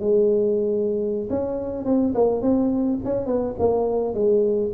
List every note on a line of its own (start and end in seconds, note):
0.00 1.29 G#3
1.30 1.85 C#4
1.85 2.14 C4
2.15 2.42 A#3
2.42 2.99 C4
3.05 3.26 C#4
3.26 3.55 B3
3.59 4.15 A#3
4.15 4.72 G#3